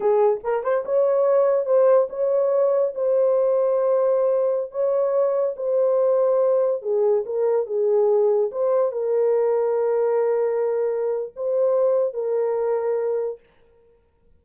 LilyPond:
\new Staff \with { instrumentName = "horn" } { \time 4/4 \tempo 4 = 143 gis'4 ais'8 c''8 cis''2 | c''4 cis''2 c''4~ | c''2.~ c''16 cis''8.~ | cis''4~ cis''16 c''2~ c''8.~ |
c''16 gis'4 ais'4 gis'4.~ gis'16~ | gis'16 c''4 ais'2~ ais'8.~ | ais'2. c''4~ | c''4 ais'2. | }